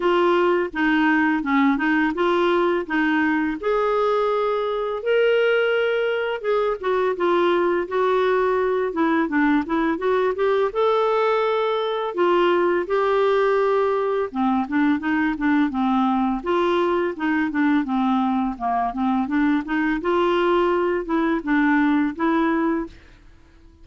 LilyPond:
\new Staff \with { instrumentName = "clarinet" } { \time 4/4 \tempo 4 = 84 f'4 dis'4 cis'8 dis'8 f'4 | dis'4 gis'2 ais'4~ | ais'4 gis'8 fis'8 f'4 fis'4~ | fis'8 e'8 d'8 e'8 fis'8 g'8 a'4~ |
a'4 f'4 g'2 | c'8 d'8 dis'8 d'8 c'4 f'4 | dis'8 d'8 c'4 ais8 c'8 d'8 dis'8 | f'4. e'8 d'4 e'4 | }